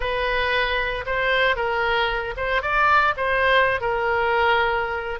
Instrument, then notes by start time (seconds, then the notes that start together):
oboe
0.00 B4
1.06 C5
1.56 A#4
2.36 C5
2.62 D5
3.16 C5
3.80 A#4